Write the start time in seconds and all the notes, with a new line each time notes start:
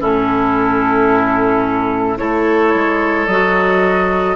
0.00 A2 C#4 E4 A4
2.17 A3 E4 A4 C#5
2.74 G#3
3.27 F#3 F#4 D#5